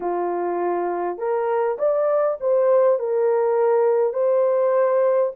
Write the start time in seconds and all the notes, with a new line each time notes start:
0.00 F4
1.18 A#4
1.78 D5
2.40 C5
2.99 A#4
4.13 C5